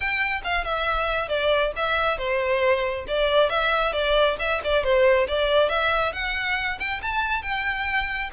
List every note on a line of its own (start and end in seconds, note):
0.00 0.41 G5
0.44 0.64 F5
0.64 1.28 E5
1.28 1.72 D5
1.76 2.18 E5
2.18 3.05 C5
3.07 3.49 D5
3.49 3.93 E5
3.93 4.36 D5
4.39 4.61 E5
4.64 4.83 D5
4.83 5.27 C5
5.27 5.69 D5
5.69 6.13 E5
6.13 6.78 F#5
6.79 7.01 G5
7.02 7.42 A5
7.42 8.30 G5